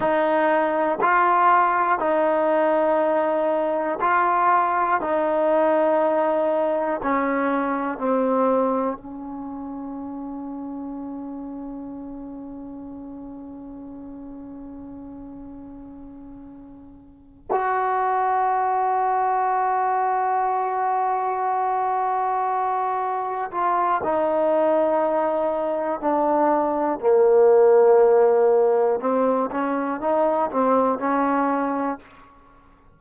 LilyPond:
\new Staff \with { instrumentName = "trombone" } { \time 4/4 \tempo 4 = 60 dis'4 f'4 dis'2 | f'4 dis'2 cis'4 | c'4 cis'2.~ | cis'1~ |
cis'4. fis'2~ fis'8~ | fis'2.~ fis'8 f'8 | dis'2 d'4 ais4~ | ais4 c'8 cis'8 dis'8 c'8 cis'4 | }